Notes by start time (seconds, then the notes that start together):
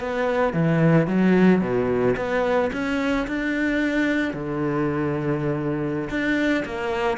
0.00 B3
0.53 E3
1.07 F#3
1.61 B2
2.16 B3
2.73 C#4
3.27 D4
4.33 D3
6.10 D4
6.65 A#3